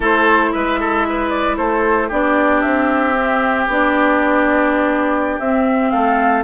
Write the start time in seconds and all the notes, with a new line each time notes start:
0.00 A3 E4 A4 C5
0.52 G#3 B4 E5
0.79 A4
1.09 B4
1.29 D5
1.57 A3 A4 C5
2.08 B3 D4 G4 D5
2.61 C4 E5
3.16 C4
3.67 B3 D4 D5
5.39 C4 E5
5.90 A3 A4 F5